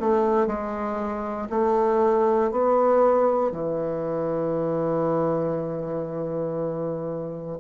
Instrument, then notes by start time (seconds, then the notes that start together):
bassoon
0.00 A3
0.47 G#3
1.50 A3
2.51 B3
3.52 E3